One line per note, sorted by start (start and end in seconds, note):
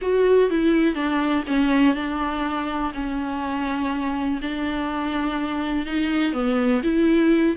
0.01 0.50 F#4
0.50 0.94 E4
0.94 1.43 D4
1.47 1.94 C#4
1.94 2.92 D4
2.94 4.40 C#4
4.41 5.86 D4
5.86 6.32 D#4
6.32 6.81 B3
6.83 7.56 E4